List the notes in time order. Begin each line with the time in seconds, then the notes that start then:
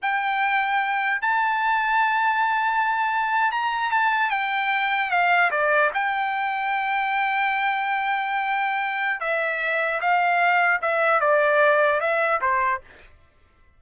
0.02 G5
1.21 A5
3.51 A#5
3.91 A5
4.30 G5
5.10 F5
5.50 D5
5.93 G5
9.20 E5
10.00 F5
10.81 E5
11.20 D5
12.00 E5
12.41 C5